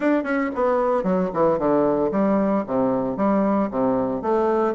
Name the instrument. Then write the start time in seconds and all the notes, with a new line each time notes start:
bassoon
0.00 D4
0.23 C#4
0.55 B3
1.03 F#3
1.33 E3
1.58 D3
2.11 G3
2.66 C3
3.16 G3
3.71 C3
4.22 A3